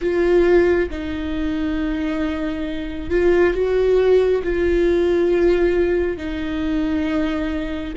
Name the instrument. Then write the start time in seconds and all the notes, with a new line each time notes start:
viola
0.01 F4
0.89 D#4
3.10 F4
3.54 F#4
4.43 F4
6.17 D#4